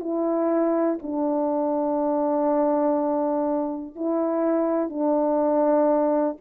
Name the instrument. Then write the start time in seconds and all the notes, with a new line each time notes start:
horn
0.00 E4
1.02 D4
3.95 E4
4.89 D4